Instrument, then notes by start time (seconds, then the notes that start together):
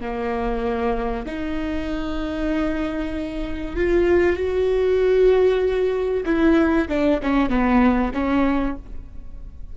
viola
0.00 A#3
1.25 D#4
3.75 F4
4.36 F#4
6.25 E4
6.88 D4
7.22 C#4
7.49 B3
8.13 C#4